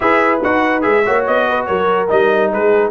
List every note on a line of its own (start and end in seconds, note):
0.00 0.42 E4
0.00 0.39 G#4
0.00 1.04 B4
0.00 0.40 E5
0.43 0.85 D#4
0.43 0.81 F#4
0.43 0.82 F#5
0.81 1.06 G#3
0.81 1.02 G#4
0.81 1.24 E5
1.04 1.27 A#3
1.04 2.08 F#4
1.04 1.46 C#5
1.26 1.69 B3
1.26 1.66 D#5
1.49 1.67 B4
1.66 2.10 F#3
1.66 2.51 A#4
1.66 2.08 C#5
2.08 2.52 G3
2.08 2.90 D#4
2.08 2.52 D#5
2.52 2.90 G#3
2.52 2.90 G#4
2.52 2.90 B4